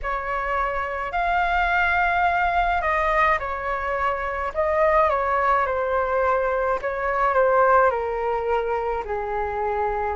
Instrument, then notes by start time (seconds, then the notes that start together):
flute
0.02 C#5
1.12 F5
2.81 D#5
3.39 C#5
4.54 D#5
5.09 C#5
5.66 C5
6.81 C#5
7.34 C5
7.90 A#4
9.05 G#4